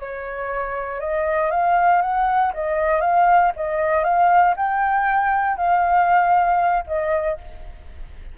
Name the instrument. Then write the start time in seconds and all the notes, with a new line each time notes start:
flute
0.00 C#5
1.01 D#5
1.51 F5
2.02 F#5
2.54 D#5
3.01 F5
3.56 D#5
4.04 F5
4.57 G5
5.57 F5
6.87 D#5